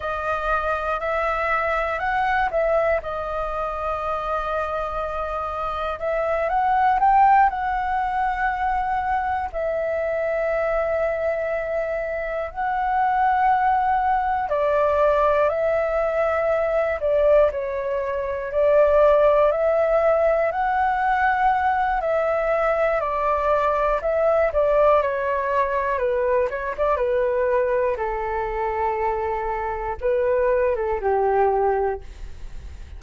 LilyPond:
\new Staff \with { instrumentName = "flute" } { \time 4/4 \tempo 4 = 60 dis''4 e''4 fis''8 e''8 dis''4~ | dis''2 e''8 fis''8 g''8 fis''8~ | fis''4. e''2~ e''8~ | e''8 fis''2 d''4 e''8~ |
e''4 d''8 cis''4 d''4 e''8~ | e''8 fis''4. e''4 d''4 | e''8 d''8 cis''4 b'8 cis''16 d''16 b'4 | a'2 b'8. a'16 g'4 | }